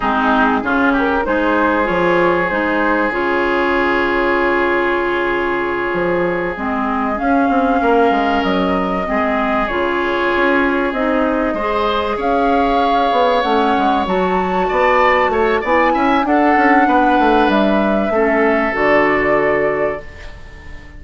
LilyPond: <<
  \new Staff \with { instrumentName = "flute" } { \time 4/4 \tempo 4 = 96 gis'4. ais'8 c''4 cis''4 | c''4 cis''2.~ | cis''2~ cis''8 dis''4 f''8~ | f''4. dis''2 cis''8~ |
cis''4. dis''2 f''8~ | f''4. fis''4 a''4.~ | a''4 gis''4 fis''2 | e''2 d''2 | }
  \new Staff \with { instrumentName = "oboe" } { \time 4/4 dis'4 f'8 g'8 gis'2~ | gis'1~ | gis'1~ | gis'8 ais'2 gis'4.~ |
gis'2~ gis'8 c''4 cis''8~ | cis''2.~ cis''8 d''8~ | d''8 cis''8 d''8 e''8 a'4 b'4~ | b'4 a'2. | }
  \new Staff \with { instrumentName = "clarinet" } { \time 4/4 c'4 cis'4 dis'4 f'4 | dis'4 f'2.~ | f'2~ f'8 c'4 cis'8~ | cis'2~ cis'8 c'4 f'8~ |
f'4. dis'4 gis'4.~ | gis'4. cis'4 fis'4.~ | fis'4 e'4 d'2~ | d'4 cis'4 fis'2 | }
  \new Staff \with { instrumentName = "bassoon" } { \time 4/4 gis4 cis4 gis4 f4 | gis4 cis2.~ | cis4. f4 gis4 cis'8 | c'8 ais8 gis8 fis4 gis4 cis8~ |
cis8 cis'4 c'4 gis4 cis'8~ | cis'4 b8 a8 gis8 fis4 b8~ | b8 a8 b8 cis'8 d'8 cis'8 b8 a8 | g4 a4 d2 | }
>>